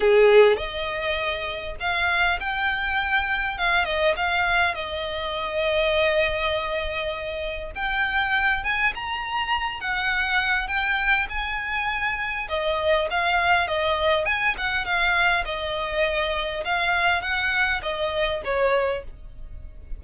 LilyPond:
\new Staff \with { instrumentName = "violin" } { \time 4/4 \tempo 4 = 101 gis'4 dis''2 f''4 | g''2 f''8 dis''8 f''4 | dis''1~ | dis''4 g''4. gis''8 ais''4~ |
ais''8 fis''4. g''4 gis''4~ | gis''4 dis''4 f''4 dis''4 | gis''8 fis''8 f''4 dis''2 | f''4 fis''4 dis''4 cis''4 | }